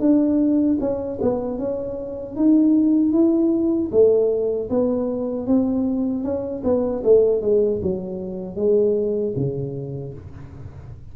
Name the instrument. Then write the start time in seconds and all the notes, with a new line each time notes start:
tuba
0.00 D4
0.80 C#4
1.21 B3
1.58 C#4
2.36 D#4
3.12 E4
3.92 A3
4.70 B3
5.47 C4
6.24 C#4
6.64 B3
7.04 A3
7.41 G#3
7.82 F#3
8.56 G#3
9.36 C#3